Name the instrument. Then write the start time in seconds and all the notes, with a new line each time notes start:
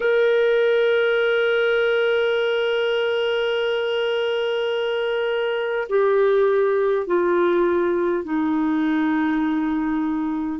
clarinet
0.00 A#4
5.89 G4
7.06 F4
8.24 D#4